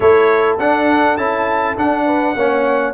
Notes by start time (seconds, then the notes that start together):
0.00 A3 E4 A4 C#5
0.59 D4 F#5
1.17 C#4 E4 A5
1.77 D4 F#5
2.05 B4
2.35 A#3 C#4 C#5